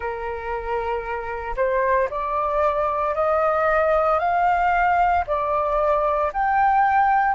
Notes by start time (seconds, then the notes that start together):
0.00 A#4
1.56 C5
2.10 D5
3.14 D#5
4.19 F5
5.26 D5
6.32 G5